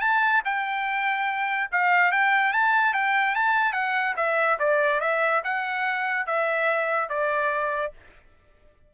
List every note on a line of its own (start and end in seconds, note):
0.00 0.42 A5
0.45 1.70 G5
1.71 2.11 F5
2.11 2.52 G5
2.52 2.93 A5
2.93 3.35 G5
3.35 3.72 A5
3.72 4.14 F#5
4.16 4.58 E5
4.59 5.00 D5
5.00 5.42 E5
5.44 6.26 F#5
6.26 7.09 E5
7.09 7.92 D5